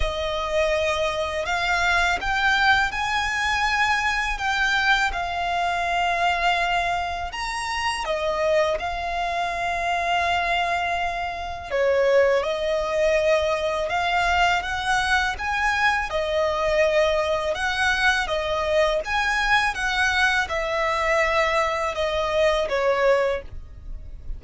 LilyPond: \new Staff \with { instrumentName = "violin" } { \time 4/4 \tempo 4 = 82 dis''2 f''4 g''4 | gis''2 g''4 f''4~ | f''2 ais''4 dis''4 | f''1 |
cis''4 dis''2 f''4 | fis''4 gis''4 dis''2 | fis''4 dis''4 gis''4 fis''4 | e''2 dis''4 cis''4 | }